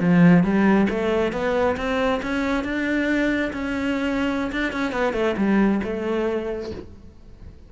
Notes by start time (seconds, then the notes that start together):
0.00 F3
0.44 G3
0.90 A3
1.32 B3
1.77 C4
2.22 C#4
2.64 D4
3.53 C#4
4.52 D4
4.72 C#4
4.92 B3
5.13 A3
5.37 G3
5.83 A3